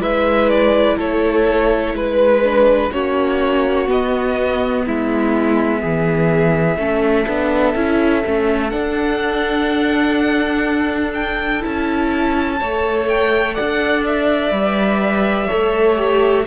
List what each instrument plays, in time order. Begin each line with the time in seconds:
0.00 cello G#3, viola E4, violin B4 E5
0.49 violin D5
0.97 cello A3, violin A4 C#5
1.94 cello G#3, violin B4
2.43 viola D4
2.91 cello A#3, viola C#4, violin F#4 C#5
3.87 viola B3, cello B3, violin D#5
4.85 cello G#3, violin E4 E5
5.81 cello E3, violin G#4
6.77 cello A3, viola C#4, violin A4
7.28 cello B3, viola D4
7.75 cello C#4, viola E4
8.25 cello A3, viola C#4
8.69 viola D4, cello D4, violin F#5
11.14 violin G5
11.60 cello C#4, viola E4, violin A5
12.59 cello A3, viola A4, violin C#5
13.08 violin G5
13.54 cello D4, violin D5 F#5
14.06 violin E5
14.50 cello G3, viola B4
15.47 cello A3, viola A4, violin C#5
15.96 viola G4